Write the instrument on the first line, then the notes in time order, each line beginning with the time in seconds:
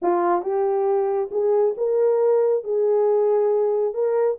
horn
0.01 F4
0.42 G4
1.31 G#4
1.77 A#4
2.63 G#4
3.94 A#4